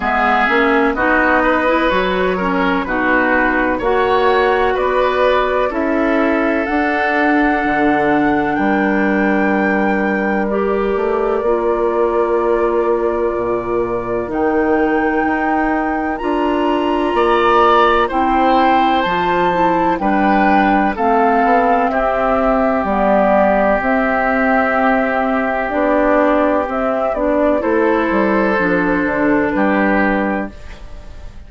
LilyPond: <<
  \new Staff \with { instrumentName = "flute" } { \time 4/4 \tempo 4 = 63 e''4 dis''4 cis''4 b'4 | fis''4 d''4 e''4 fis''4~ | fis''4 g''2 d''4~ | d''2. g''4~ |
g''4 ais''2 g''4 | a''4 g''4 f''4 e''4 | d''4 e''2 d''4 | e''8 d''8 c''2 b'4 | }
  \new Staff \with { instrumentName = "oboe" } { \time 4/4 gis'4 fis'8 b'4 ais'8 fis'4 | cis''4 b'4 a'2~ | a'4 ais'2.~ | ais'1~ |
ais'2 d''4 c''4~ | c''4 b'4 a'4 g'4~ | g'1~ | g'4 a'2 g'4 | }
  \new Staff \with { instrumentName = "clarinet" } { \time 4/4 b8 cis'8 dis'8. e'16 fis'8 cis'8 dis'4 | fis'2 e'4 d'4~ | d'2. g'4 | f'2. dis'4~ |
dis'4 f'2 e'4 | f'8 e'8 d'4 c'2 | b4 c'2 d'4 | c'8 d'8 e'4 d'2 | }
  \new Staff \with { instrumentName = "bassoon" } { \time 4/4 gis8 ais8 b4 fis4 b,4 | ais4 b4 cis'4 d'4 | d4 g2~ g8 a8 | ais2 ais,4 dis4 |
dis'4 d'4 ais4 c'4 | f4 g4 a8 b8 c'4 | g4 c'2 b4 | c'8 b8 a8 g8 f8 d8 g4 | }
>>